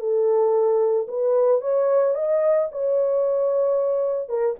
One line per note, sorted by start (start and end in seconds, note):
0.00 1.07 A4
1.08 1.61 B4
1.61 2.15 C#5
2.15 2.69 D#5
2.72 4.29 C#5
4.29 4.56 A#4